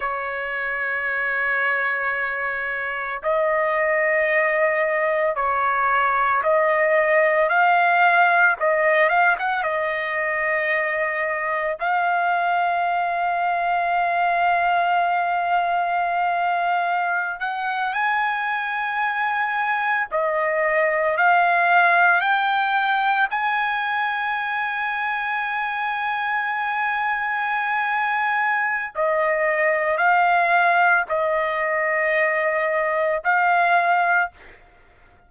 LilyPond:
\new Staff \with { instrumentName = "trumpet" } { \time 4/4 \tempo 4 = 56 cis''2. dis''4~ | dis''4 cis''4 dis''4 f''4 | dis''8 f''16 fis''16 dis''2 f''4~ | f''1~ |
f''16 fis''8 gis''2 dis''4 f''16~ | f''8. g''4 gis''2~ gis''16~ | gis''2. dis''4 | f''4 dis''2 f''4 | }